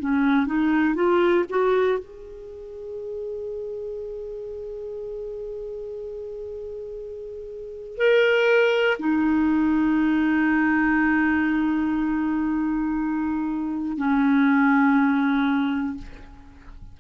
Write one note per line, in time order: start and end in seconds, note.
0.00 0.47 C#4
0.47 0.95 D#4
0.95 1.45 F4
1.50 1.99 F#4
1.99 7.98 G#4
7.98 8.98 A#4
9.00 13.98 D#4
13.98 15.98 C#4